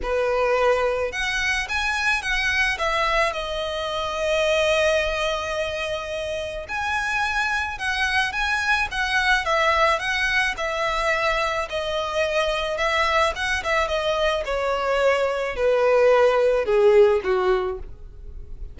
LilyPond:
\new Staff \with { instrumentName = "violin" } { \time 4/4 \tempo 4 = 108 b'2 fis''4 gis''4 | fis''4 e''4 dis''2~ | dis''1 | gis''2 fis''4 gis''4 |
fis''4 e''4 fis''4 e''4~ | e''4 dis''2 e''4 | fis''8 e''8 dis''4 cis''2 | b'2 gis'4 fis'4 | }